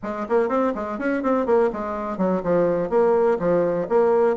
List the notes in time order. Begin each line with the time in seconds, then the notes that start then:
0.02 G#3
0.28 A#3
0.48 C4
0.75 G#3
0.98 C#4
1.23 C4
1.45 A#3
1.73 G#3
2.17 F#3
2.43 F3
2.89 A#3
3.39 F3
3.88 A#3